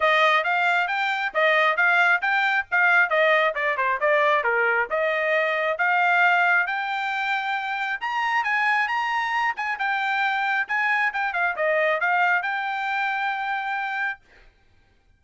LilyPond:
\new Staff \with { instrumentName = "trumpet" } { \time 4/4 \tempo 4 = 135 dis''4 f''4 g''4 dis''4 | f''4 g''4 f''4 dis''4 | d''8 c''8 d''4 ais'4 dis''4~ | dis''4 f''2 g''4~ |
g''2 ais''4 gis''4 | ais''4. gis''8 g''2 | gis''4 g''8 f''8 dis''4 f''4 | g''1 | }